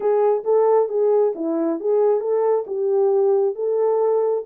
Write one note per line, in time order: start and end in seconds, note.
0.00 0.43 G#4
0.44 0.88 A4
0.88 1.33 G#4
1.35 1.79 E4
1.80 2.20 G#4
2.20 2.64 A4
2.66 3.55 G4
3.55 4.44 A4